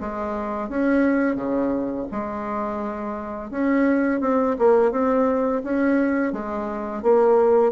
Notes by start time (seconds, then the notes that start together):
0.00 G#3
0.69 C#4
1.35 C#3
2.11 G#3
3.50 C#4
4.21 C4
4.58 A#3
4.91 C4
5.64 C#4
6.32 G#3
7.02 A#3